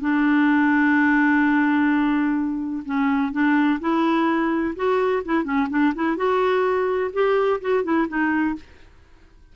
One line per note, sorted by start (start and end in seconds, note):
0.00 2.83 D4
2.85 3.32 C#4
3.32 3.79 D4
3.80 4.75 E4
4.76 5.23 F#4
5.25 5.44 E4
5.44 5.68 C#4
5.70 5.93 D4
5.95 6.17 E4
6.17 7.11 F#4
7.13 7.60 G4
7.61 7.84 F#4
7.84 8.07 E4
8.08 8.55 D#4